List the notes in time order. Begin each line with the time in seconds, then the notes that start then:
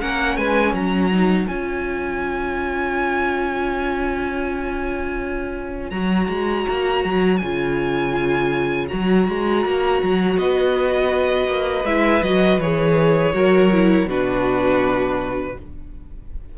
0.00 A#3 C#4 A#4 F#5
0.36 G#3 B4 G#5
0.73 F#3 C#5 A#5
1.11 D#4
1.46 C#4 F4 G#5
5.90 F#3 F#4 A#5
6.28 G#3
6.69 A#3
7.04 F#3
7.37 C#3 F4 G#5
8.88 F#3 F#4 A#5
9.28 G#3
9.65 A#3
10.02 F#3
10.36 B3 B4 D#5
11.47 A#3
11.84 G#3 E4 E5
12.22 F#3 F#4 D#5
12.58 E3 G#4 C#5
13.33 F#3 F#4 A#4
13.71 E4
14.05 B2 D4 F#4 B4